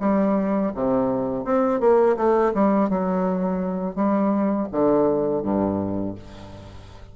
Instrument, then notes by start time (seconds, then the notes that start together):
bassoon
0.00 G3
0.75 C3
1.45 C4
1.80 A#3
2.17 A3
2.54 G3
2.89 F#3
3.96 G3
4.72 D3
5.42 G2